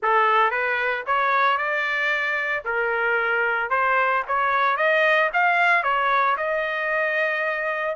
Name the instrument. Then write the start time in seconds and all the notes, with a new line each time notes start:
trumpet
0.02 A4
0.50 B4
1.06 C#5
1.57 D5
2.64 A#4
3.70 C5
4.27 C#5
4.76 D#5
5.33 F5
5.83 C#5
6.37 D#5